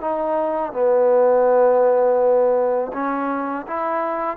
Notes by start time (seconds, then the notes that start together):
0.00 D#4
0.72 B3
2.93 C#4
3.67 E4